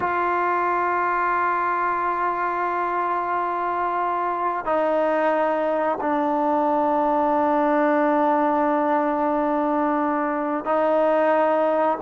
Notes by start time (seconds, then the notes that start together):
0.00 F4
4.65 D#4
6.01 D4
10.64 D#4